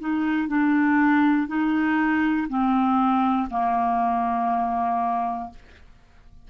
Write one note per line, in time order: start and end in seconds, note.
0.00 0.48 D#4
0.48 1.48 D4
1.48 2.48 D#4
2.49 3.49 C4
3.50 5.50 A#3